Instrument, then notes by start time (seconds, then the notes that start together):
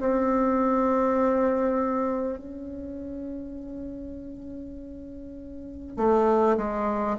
bassoon
0.00 C4
2.38 C#4
5.97 A3
6.58 G#3